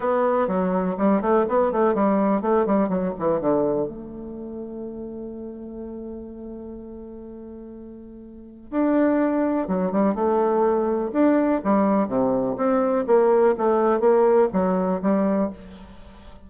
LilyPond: \new Staff \with { instrumentName = "bassoon" } { \time 4/4 \tempo 4 = 124 b4 fis4 g8 a8 b8 a8 | g4 a8 g8 fis8 e8 d4 | a1~ | a1~ |
a2 d'2 | fis8 g8 a2 d'4 | g4 c4 c'4 ais4 | a4 ais4 fis4 g4 | }